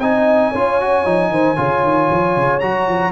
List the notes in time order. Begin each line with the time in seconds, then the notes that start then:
0.00 C4 D#4 D#5 G#5
0.51 C#4 F4 C#5
0.81 F#4
1.05 F3 D#4
1.30 D#3 C5
1.57 C#3 F4 C#5
1.84 D#3
2.11 F3
2.37 C#3
2.60 F#3 F#4 A#5
2.88 F3